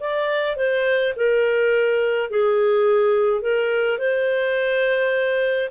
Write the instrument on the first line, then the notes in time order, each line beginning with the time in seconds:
clarinet
0.00 D5
0.56 C5
1.16 A#4
2.30 G#4
3.41 A#4
3.98 C5